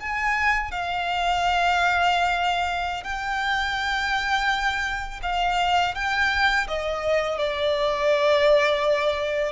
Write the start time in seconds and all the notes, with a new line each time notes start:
0.00 G#5
0.71 F5
3.03 G5
5.22 F5
5.95 G5
6.68 D#5
7.38 D5